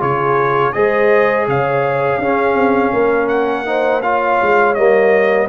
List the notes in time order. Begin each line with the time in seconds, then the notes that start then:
0.00 C#3 F4 G#4 C#5
0.73 G#3 G#4 C5 D#5
1.48 C#3 C#5 F5
2.18 C#4 G#4
2.55 C4
2.93 A#3 A#4
3.28 F#5
3.65 D#4 C5
4.02 F4 C#5 F5
4.42 G#3
4.74 G3 A#3 D#5